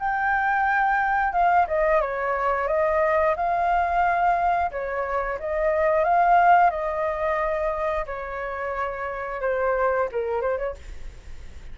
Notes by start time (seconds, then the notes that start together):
0.00 G5
1.33 F5
1.68 D#5
2.01 C#5
2.68 D#5
3.36 F5
4.72 C#5
5.40 D#5
6.05 F5
6.71 D#5
8.07 C#5
9.42 C5
10.12 A#4
10.42 C5
10.58 C#5